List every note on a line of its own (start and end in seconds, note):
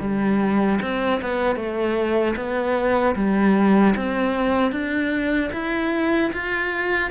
0.00 0.79 G3
0.81 1.21 C4
1.21 1.55 B3
1.55 2.34 A3
2.36 3.15 B3
3.15 3.94 G3
3.96 4.71 C4
4.71 5.50 D4
5.52 6.31 E4
6.33 7.10 F4